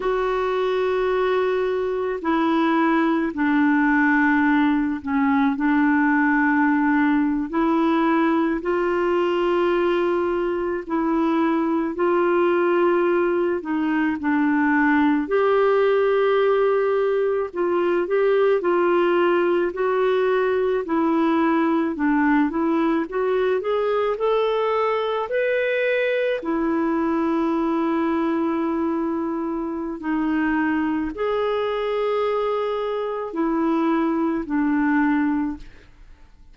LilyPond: \new Staff \with { instrumentName = "clarinet" } { \time 4/4 \tempo 4 = 54 fis'2 e'4 d'4~ | d'8 cis'8 d'4.~ d'16 e'4 f'16~ | f'4.~ f'16 e'4 f'4~ f'16~ | f'16 dis'8 d'4 g'2 f'16~ |
f'16 g'8 f'4 fis'4 e'4 d'16~ | d'16 e'8 fis'8 gis'8 a'4 b'4 e'16~ | e'2. dis'4 | gis'2 e'4 d'4 | }